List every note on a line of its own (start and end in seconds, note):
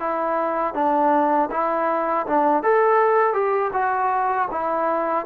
0.00 0.74 E4
0.74 1.49 D4
1.51 2.26 E4
2.27 2.63 D4
2.63 3.33 A4
3.33 3.71 G4
3.73 4.48 F#4
4.51 5.26 E4